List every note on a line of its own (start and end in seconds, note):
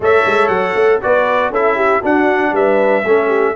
0.00 0.24 A3
0.00 1.01 A4
0.00 1.02 C#5
0.00 0.48 E5
0.25 0.48 G#3
0.48 0.73 F#3
0.48 0.98 F#5
0.75 1.00 A3
1.01 1.49 B3
1.01 1.52 F#4
1.01 1.51 B4
1.01 1.53 D5
1.49 2.00 C#4
1.49 2.02 E4
1.49 1.75 A4
1.49 2.04 E5
1.75 1.99 G4
1.99 3.04 D4
1.99 2.52 D4
1.99 2.50 F#4
1.99 2.55 F#5
2.52 3.03 G3
2.52 3.05 B4
2.52 3.55 E5
3.04 3.55 A3
3.04 3.55 C#4
3.04 3.27 A4
3.27 3.52 G4